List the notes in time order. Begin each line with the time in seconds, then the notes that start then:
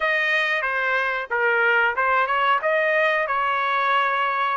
0.00 D#5
0.61 C5
1.30 A#4
1.96 C5
2.26 C#5
2.61 D#5
3.27 C#5